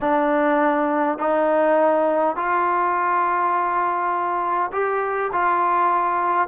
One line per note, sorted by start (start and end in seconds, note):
0.01 1.18 D4
1.18 2.36 D#4
2.36 4.71 F4
4.72 5.31 G4
5.32 6.48 F4